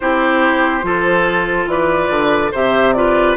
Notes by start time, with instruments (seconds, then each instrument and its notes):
0.00 bassoon C4, clarinet E4, oboe G4, flute C5
0.82 bassoon F3, clarinet F4, oboe A4
1.66 bassoon E3, oboe B4, flute D5
2.09 bassoon D3
2.51 bassoon C3, clarinet G4, oboe C5, flute E5
2.93 clarinet F4, oboe B4, flute D5